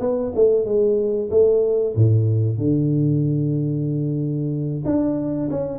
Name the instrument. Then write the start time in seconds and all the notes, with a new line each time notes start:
tuba
0.00 B3
0.35 A3
0.65 G#3
1.30 A3
1.96 A2
2.58 D3
4.85 D4
5.50 C#4